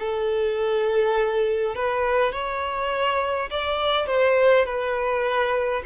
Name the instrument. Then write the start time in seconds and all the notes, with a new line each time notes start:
violin
0.00 A4
1.76 B4
2.33 C#5
3.51 D5
4.07 C5
4.66 B4